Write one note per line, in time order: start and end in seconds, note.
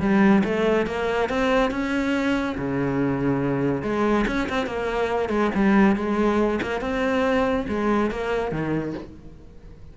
0.00 0.43 G3
0.44 0.86 A3
0.86 1.29 A#3
1.29 1.71 C4
1.71 2.56 C#4
2.58 3.82 C#3
3.82 4.25 G#3
4.27 4.48 C#4
4.49 4.66 C4
4.66 5.29 A#3
5.29 5.50 G#3
5.55 5.96 G3
5.96 6.60 G#3
6.62 6.81 A#3
6.81 7.66 C4
7.68 8.11 G#3
8.11 8.51 A#3
8.51 8.94 D#3